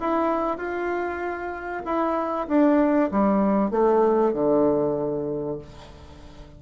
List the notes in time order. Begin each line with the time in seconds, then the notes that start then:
0.00 E4
0.57 F4
1.85 E4
2.48 D4
3.11 G3
3.71 A3
4.34 D3